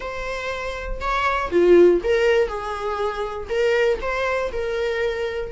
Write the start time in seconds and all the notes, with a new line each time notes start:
0.00 C5
1.00 C#5
1.51 F4
2.03 A#4
2.48 G#4
3.49 A#4
4.01 C5
4.52 A#4